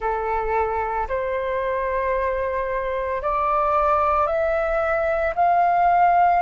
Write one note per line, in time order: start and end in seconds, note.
0.00 1.07 A4
1.08 3.21 C5
3.21 4.27 D5
4.27 5.34 E5
5.35 6.42 F5